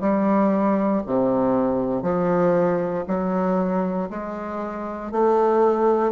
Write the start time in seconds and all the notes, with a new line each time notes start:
0.00 G3
1.06 C3
2.02 F3
3.07 F#3
4.10 G#3
5.11 A3